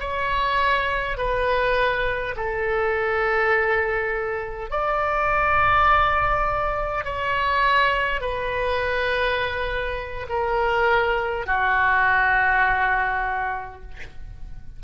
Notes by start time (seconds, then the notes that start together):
0.00 C#5
1.18 B4
2.36 A4
4.71 D5
7.05 C#5
8.21 B4
10.29 A#4
11.47 F#4